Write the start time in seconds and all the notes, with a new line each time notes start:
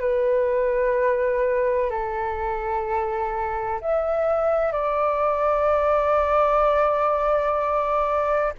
0.00 B4
1.90 A4
3.81 E5
4.73 D5